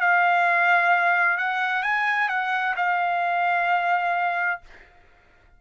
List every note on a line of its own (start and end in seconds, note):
0.00 1.37 F5
1.37 1.83 F#5
1.83 2.28 G#5
2.28 2.74 F#5
2.76 4.61 F5